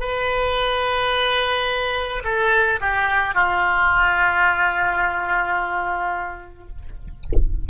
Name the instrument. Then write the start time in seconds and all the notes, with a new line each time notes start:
oboe
0.00 B4
2.24 A4
2.80 G4
3.34 F4